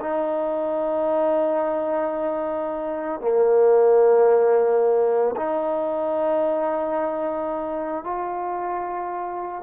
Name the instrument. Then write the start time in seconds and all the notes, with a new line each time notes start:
trombone
0.00 D#4
3.21 A#3
5.36 D#4
8.04 F4